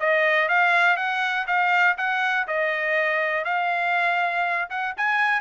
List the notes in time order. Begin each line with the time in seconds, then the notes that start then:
0.00 D#5
0.49 F5
0.97 F#5
1.47 F5
1.98 F#5
2.48 D#5
3.45 F5
4.70 F#5
4.97 G#5